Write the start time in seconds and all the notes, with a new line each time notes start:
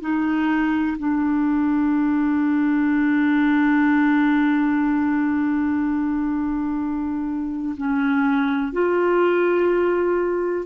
0.00 D#4
0.98 D4
7.77 C#4
8.73 F4